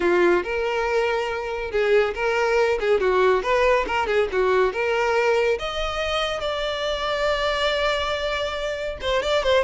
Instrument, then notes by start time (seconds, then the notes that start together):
violin
0.00 F4
0.43 A#4
1.71 G#4
2.14 A#4
2.80 G#4
3.00 F#4
3.42 B4
3.87 A#4
4.07 G#4
4.32 F#4
4.72 A#4
5.58 D#5
6.40 D5
9.01 C5
9.22 D5
9.43 C5